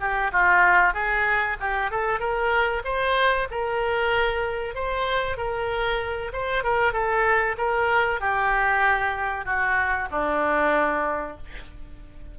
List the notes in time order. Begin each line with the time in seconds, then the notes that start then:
0.00 G4
0.32 F4
0.94 G#4
1.60 G4
1.91 A4
2.20 A#4
2.84 C5
3.51 A#4
4.75 C5
5.37 A#4
6.33 C5
6.64 A#4
6.93 A4
7.58 A#4
8.20 G4
9.46 F#4
10.11 D4